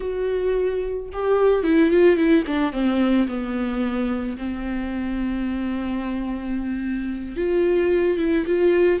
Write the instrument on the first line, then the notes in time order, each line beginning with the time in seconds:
viola
0.00 F#4
1.13 G4
1.63 E4
1.90 F4
2.16 E4
2.46 D4
2.72 C4
3.27 B3
4.37 C4
7.36 F4
8.17 E4
8.46 F4